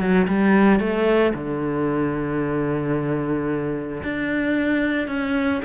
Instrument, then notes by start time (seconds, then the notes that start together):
cello
0.00 F#3
0.28 G3
0.80 A3
1.35 D3
4.03 D4
5.08 C#4